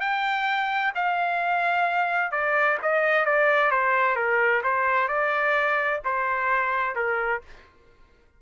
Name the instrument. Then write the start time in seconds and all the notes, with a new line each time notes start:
trumpet
0.00 G5
0.95 F5
2.31 D5
2.82 D#5
3.25 D5
3.71 C5
4.16 A#4
4.63 C5
5.08 D5
6.04 C5
6.95 A#4